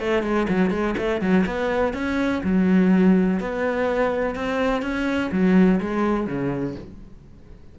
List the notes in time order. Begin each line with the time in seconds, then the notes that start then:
0.00 A3
0.23 G#3
0.49 F#3
0.70 G#3
0.97 A3
1.21 F#3
1.46 B3
1.94 C#4
2.43 F#3
3.40 B3
4.35 C4
4.82 C#4
5.32 F#3
5.80 G#3
6.27 C#3